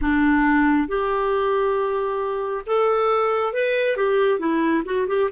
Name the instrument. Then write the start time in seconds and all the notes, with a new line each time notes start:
clarinet
0.01 D4
0.88 G4
2.66 A4
3.53 B4
3.96 G4
4.39 E4
4.85 F#4
5.07 G4